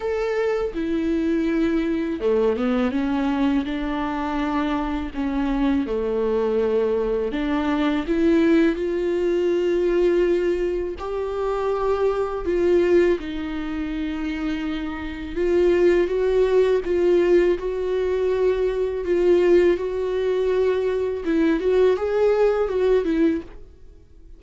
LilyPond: \new Staff \with { instrumentName = "viola" } { \time 4/4 \tempo 4 = 82 a'4 e'2 a8 b8 | cis'4 d'2 cis'4 | a2 d'4 e'4 | f'2. g'4~ |
g'4 f'4 dis'2~ | dis'4 f'4 fis'4 f'4 | fis'2 f'4 fis'4~ | fis'4 e'8 fis'8 gis'4 fis'8 e'8 | }